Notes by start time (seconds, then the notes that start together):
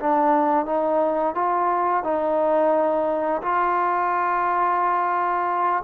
0.00 D4
0.66 D#4
1.35 F4
2.03 D#4
3.42 F4